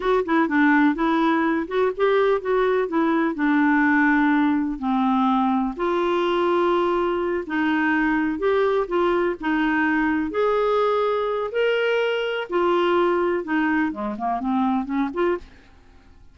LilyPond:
\new Staff \with { instrumentName = "clarinet" } { \time 4/4 \tempo 4 = 125 fis'8 e'8 d'4 e'4. fis'8 | g'4 fis'4 e'4 d'4~ | d'2 c'2 | f'2.~ f'8 dis'8~ |
dis'4. g'4 f'4 dis'8~ | dis'4. gis'2~ gis'8 | ais'2 f'2 | dis'4 gis8 ais8 c'4 cis'8 f'8 | }